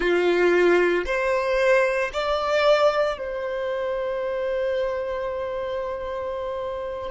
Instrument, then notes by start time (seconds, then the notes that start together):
violin
0.00 F4
1.05 C5
2.13 D5
3.17 C5